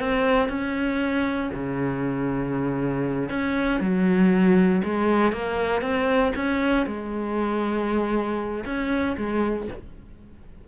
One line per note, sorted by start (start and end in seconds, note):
0.00 0.49 C4
0.49 1.51 C#4
1.54 3.30 C#3
3.30 3.81 C#4
3.81 4.82 F#3
4.84 5.33 G#3
5.33 5.82 A#3
5.82 6.33 C4
6.36 6.87 C#4
6.87 8.65 G#3
8.65 9.16 C#4
9.18 9.68 G#3